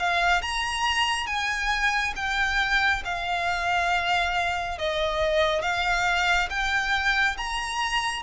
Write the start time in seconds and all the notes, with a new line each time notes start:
0.00 F5
0.42 A#5
1.27 G#5
2.16 G5
3.05 F5
4.78 D#5
5.62 F5
6.50 G5
7.38 A#5